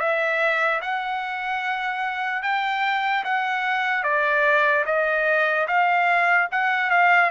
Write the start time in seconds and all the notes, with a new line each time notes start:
0.00 E5
0.82 F#5
2.43 G5
3.25 F#5
4.04 D5
4.86 D#5
5.68 F5
6.52 F#5
6.91 F5